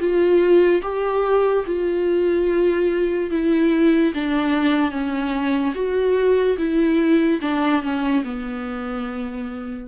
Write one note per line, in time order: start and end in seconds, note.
0.00 0.82 F4
0.83 1.65 G4
1.67 3.31 F4
3.31 4.13 E4
4.14 4.92 D4
4.92 5.74 C#4
5.75 6.57 F#4
6.58 7.40 E4
7.42 7.83 D4
7.83 8.24 C#4
8.25 9.88 B3